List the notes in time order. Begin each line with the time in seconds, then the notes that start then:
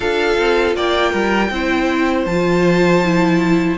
0.00 D4 F4 A4 F5
0.37 C4
0.75 A#3 D5 G5
1.10 G3 A#4
1.50 C4 E4 C5
2.25 F3 F4 A5
3.04 E4